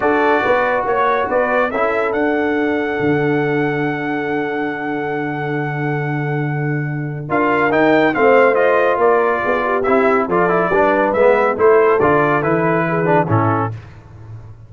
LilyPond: <<
  \new Staff \with { instrumentName = "trumpet" } { \time 4/4 \tempo 4 = 140 d''2 cis''4 d''4 | e''4 fis''2.~ | fis''1~ | fis''1~ |
fis''4 f''4 g''4 f''4 | dis''4 d''2 e''4 | d''2 e''4 c''4 | d''4 b'2 a'4 | }
  \new Staff \with { instrumentName = "horn" } { \time 4/4 a'4 b'4 cis''4 b'4 | a'1~ | a'1~ | a'1~ |
a'4 ais'2 c''4~ | c''4 ais'4 gis'8 g'4. | a'4 b'2 a'4~ | a'2 gis'4 e'4 | }
  \new Staff \with { instrumentName = "trombone" } { \time 4/4 fis'1 | e'4 d'2.~ | d'1~ | d'1~ |
d'4 f'4 dis'4 c'4 | f'2. e'4 | f'8 e'8 d'4 b4 e'4 | f'4 e'4. d'8 cis'4 | }
  \new Staff \with { instrumentName = "tuba" } { \time 4/4 d'4 b4 ais4 b4 | cis'4 d'2 d4~ | d1~ | d1~ |
d4 d'4 dis'4 a4~ | a4 ais4 b4 c'4 | f4 g4 gis4 a4 | d4 e2 a,4 | }
>>